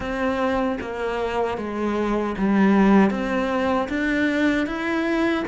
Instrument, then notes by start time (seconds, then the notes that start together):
cello
0.00 C4
0.80 A#3
1.57 G#3
2.37 G3
3.10 C4
3.89 D4
4.66 E4